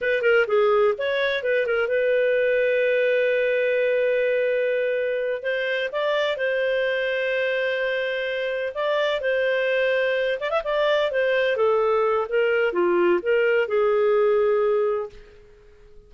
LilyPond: \new Staff \with { instrumentName = "clarinet" } { \time 4/4 \tempo 4 = 127 b'8 ais'8 gis'4 cis''4 b'8 ais'8 | b'1~ | b'2.~ b'8 c''8~ | c''8 d''4 c''2~ c''8~ |
c''2~ c''8 d''4 c''8~ | c''2 d''16 e''16 d''4 c''8~ | c''8 a'4. ais'4 f'4 | ais'4 gis'2. | }